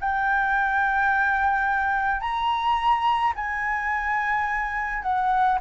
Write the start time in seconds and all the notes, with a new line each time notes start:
0.00 G5
2.21 A#5
3.35 G#5
5.03 F#5